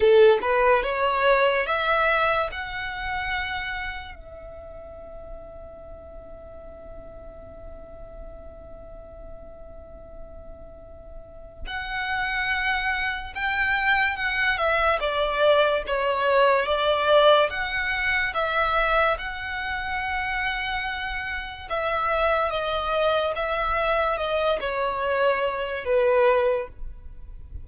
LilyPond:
\new Staff \with { instrumentName = "violin" } { \time 4/4 \tempo 4 = 72 a'8 b'8 cis''4 e''4 fis''4~ | fis''4 e''2.~ | e''1~ | e''2 fis''2 |
g''4 fis''8 e''8 d''4 cis''4 | d''4 fis''4 e''4 fis''4~ | fis''2 e''4 dis''4 | e''4 dis''8 cis''4. b'4 | }